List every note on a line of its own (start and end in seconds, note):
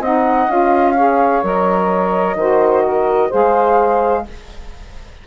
0.00 0.47 C4
0.00 0.49 D#4
0.00 0.94 D#5
0.00 0.51 F#5
0.49 1.42 C#4
0.49 0.96 F4
0.49 1.45 F5
0.96 1.43 G#4
0.96 2.36 C#5
1.43 2.35 F#3
1.43 2.37 A#4
1.43 3.32 D#5
2.35 3.29 D#3
2.35 3.31 F#4
2.35 2.84 C5
2.84 3.29 A#4
3.29 4.27 G#3
3.29 4.25 G#4
3.29 4.23 C5
3.29 4.26 F5